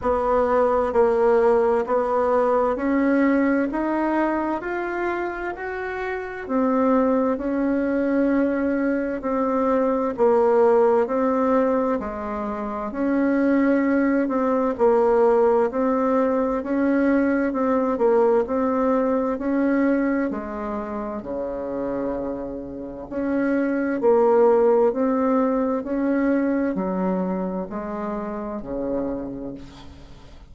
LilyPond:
\new Staff \with { instrumentName = "bassoon" } { \time 4/4 \tempo 4 = 65 b4 ais4 b4 cis'4 | dis'4 f'4 fis'4 c'4 | cis'2 c'4 ais4 | c'4 gis4 cis'4. c'8 |
ais4 c'4 cis'4 c'8 ais8 | c'4 cis'4 gis4 cis4~ | cis4 cis'4 ais4 c'4 | cis'4 fis4 gis4 cis4 | }